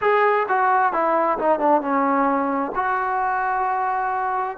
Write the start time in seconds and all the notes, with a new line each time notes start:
0.01 G#4
0.48 F#4
0.92 E4
1.38 D#4
1.59 D4
1.81 C#4
2.75 F#4